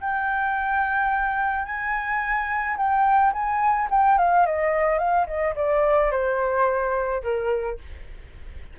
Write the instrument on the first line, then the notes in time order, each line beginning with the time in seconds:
flute
0.00 G5
1.65 G#5
2.76 G5
3.32 G#5
3.90 G5
4.18 F5
4.46 D#5
4.98 F5
5.26 D#5
5.55 D5
6.11 C5
7.22 A#4